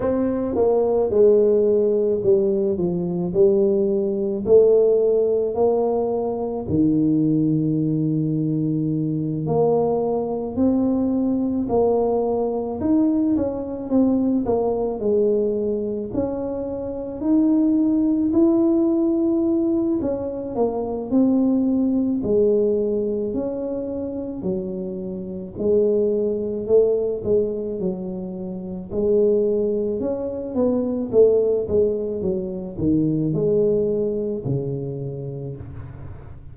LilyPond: \new Staff \with { instrumentName = "tuba" } { \time 4/4 \tempo 4 = 54 c'8 ais8 gis4 g8 f8 g4 | a4 ais4 dis2~ | dis8 ais4 c'4 ais4 dis'8 | cis'8 c'8 ais8 gis4 cis'4 dis'8~ |
dis'8 e'4. cis'8 ais8 c'4 | gis4 cis'4 fis4 gis4 | a8 gis8 fis4 gis4 cis'8 b8 | a8 gis8 fis8 dis8 gis4 cis4 | }